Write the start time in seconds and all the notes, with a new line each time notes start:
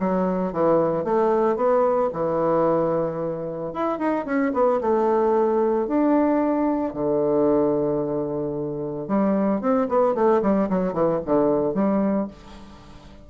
0.00 F#3
0.53 E3
1.04 A3
1.57 B3
2.13 E3
3.74 E4
3.99 D#4
4.26 C#4
4.54 B3
4.81 A3
5.88 D4
6.94 D3
9.08 G3
9.61 C4
9.89 B3
10.15 A3
10.42 G3
10.69 F#3
10.93 E3
11.25 D3
11.74 G3